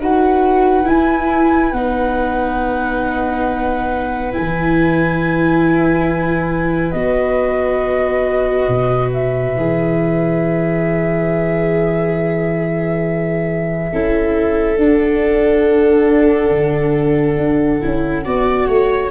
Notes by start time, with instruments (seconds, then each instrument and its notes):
0.00 tuba D#4, viola F#4 B4, flute F#5
0.85 viola E4, tuba E4, flute G#5
1.72 tuba B3, viola D#4, flute F#5
4.32 viola E4, flute G#5
4.39 tuba E3
6.92 tuba B3, viola F#4, flute D#5
8.69 tuba B2
9.14 flute E5
9.57 tuba E3, viola G#4
13.93 tuba C#4, viola E4 A4
14.77 tuba D4, viola D4, flute F#5
16.51 tuba D3
17.37 tuba D4
17.81 tuba C#4, viola E4
18.25 tuba B3, viola F#4 D5
18.68 tuba A3, viola C#5